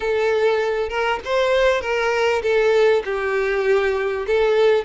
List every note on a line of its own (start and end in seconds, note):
0.00 0.89 A4
0.89 1.19 A#4
1.24 1.81 C5
1.81 2.42 A#4
2.42 3.02 A4
3.05 4.26 G4
4.26 4.84 A4